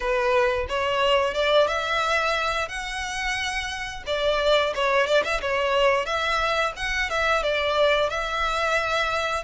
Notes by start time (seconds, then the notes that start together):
0.00 B4
0.68 C#5
1.33 D5
1.67 E5
2.68 F#5
4.06 D5
4.74 C#5
5.07 D5
5.24 E5
5.41 C#5
6.05 E5
6.76 F#5
7.09 E5
7.42 D5
8.09 E5